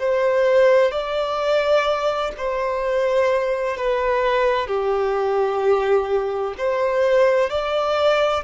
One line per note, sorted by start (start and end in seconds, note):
0.00 0.92 C5
0.92 2.32 D5
2.38 3.78 C5
3.78 4.67 B4
4.67 6.55 G4
6.58 7.50 C5
7.50 8.44 D5